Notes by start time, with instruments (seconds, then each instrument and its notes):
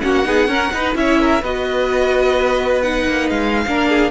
0.00 cello A#3, viola C#4, violin F#4 F#5
0.24 cello B3, viola D#4, violin G#4
0.47 viola C#4, cello C#4, violin A#4
0.73 cello D#4, viola D#4, violin B4
0.94 cello C#4, viola E4, violin C#5 E5
1.20 violin A#4
1.42 cello B3, viola F#4, violin B4 D#5
2.82 viola D#4, violin F#5
3.07 cello A#3
3.29 cello G#3, violin F5
3.67 cello A#3, viola D4, violin A#4
3.89 violin G#4